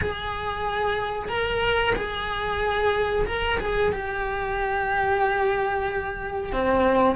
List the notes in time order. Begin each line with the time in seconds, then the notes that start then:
0.01 G#4
1.28 A#4
1.95 G#4
3.26 A#4
3.59 G#4
3.92 G4
6.52 C4